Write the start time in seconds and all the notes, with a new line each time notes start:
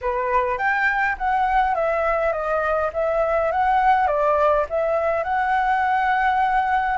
0.01 B4
0.57 G5
1.18 F#5
1.74 E5
2.32 D#5
2.93 E5
3.51 F#5
4.07 D5
4.69 E5
5.23 F#5